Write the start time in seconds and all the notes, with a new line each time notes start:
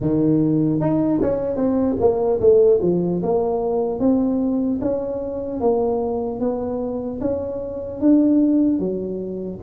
0.00 D#3
0.80 D#4
1.21 C#4
1.56 C4
2.00 A#3
2.40 A3
2.81 F3
3.22 A#3
3.99 C4
4.81 C#4
5.60 A#3
6.40 B3
7.20 C#4
8.00 D4
8.79 F#3